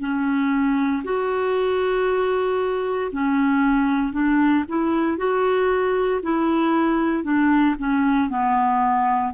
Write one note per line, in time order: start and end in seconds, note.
0.00 1.03 C#4
1.04 3.11 F#4
3.12 4.13 C#4
4.13 4.65 D4
4.69 5.18 E4
5.18 6.21 F#4
6.23 7.24 E4
7.24 7.76 D4
7.79 8.30 C#4
8.30 9.33 B3